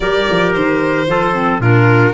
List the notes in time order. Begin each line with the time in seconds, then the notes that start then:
0.00 G3 G4 A#4 D5
0.30 F3
0.53 D#3 C5
1.06 F3 F4 A4
1.33 C4
1.59 A#2 D4 F4 A#4